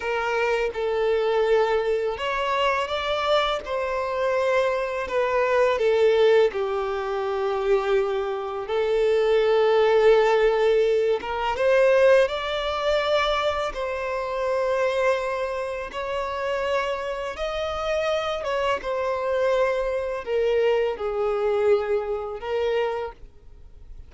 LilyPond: \new Staff \with { instrumentName = "violin" } { \time 4/4 \tempo 4 = 83 ais'4 a'2 cis''4 | d''4 c''2 b'4 | a'4 g'2. | a'2.~ a'8 ais'8 |
c''4 d''2 c''4~ | c''2 cis''2 | dis''4. cis''8 c''2 | ais'4 gis'2 ais'4 | }